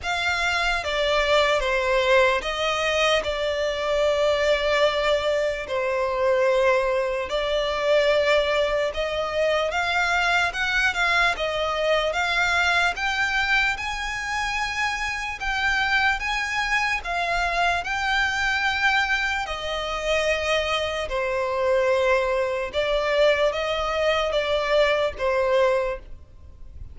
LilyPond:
\new Staff \with { instrumentName = "violin" } { \time 4/4 \tempo 4 = 74 f''4 d''4 c''4 dis''4 | d''2. c''4~ | c''4 d''2 dis''4 | f''4 fis''8 f''8 dis''4 f''4 |
g''4 gis''2 g''4 | gis''4 f''4 g''2 | dis''2 c''2 | d''4 dis''4 d''4 c''4 | }